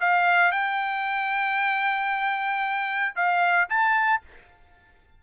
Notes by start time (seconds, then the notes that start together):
0.00 F5
0.51 G5
3.16 F5
3.69 A5